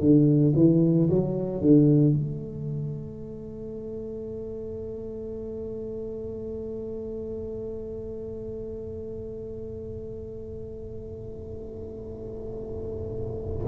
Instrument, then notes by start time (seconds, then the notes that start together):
tuba
0.00 D3
0.56 E3
1.10 F#3
1.62 D3
2.13 A3